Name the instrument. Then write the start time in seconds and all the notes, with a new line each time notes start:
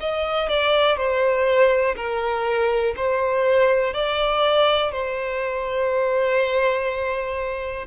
violin
0.00 D#5
0.49 D5
0.97 C5
1.96 A#4
2.97 C5
3.94 D5
4.92 C5